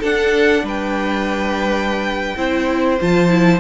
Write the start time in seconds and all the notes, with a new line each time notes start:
0.00 D4 A4 F#5
0.63 G3 B4 G5
2.37 C4 E4 C5
3.01 F3 F4 A5
3.29 E4